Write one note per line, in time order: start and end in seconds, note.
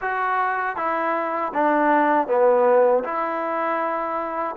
0.01 0.76 F#4
0.76 1.52 E4
1.54 2.27 D4
2.27 3.03 B3
3.03 4.55 E4